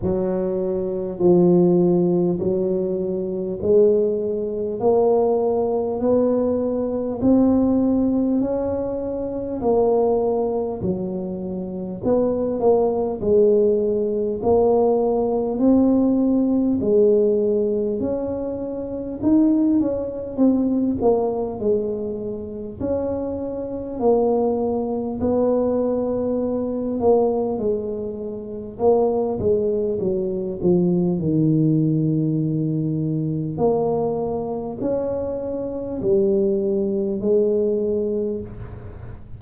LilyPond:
\new Staff \with { instrumentName = "tuba" } { \time 4/4 \tempo 4 = 50 fis4 f4 fis4 gis4 | ais4 b4 c'4 cis'4 | ais4 fis4 b8 ais8 gis4 | ais4 c'4 gis4 cis'4 |
dis'8 cis'8 c'8 ais8 gis4 cis'4 | ais4 b4. ais8 gis4 | ais8 gis8 fis8 f8 dis2 | ais4 cis'4 g4 gis4 | }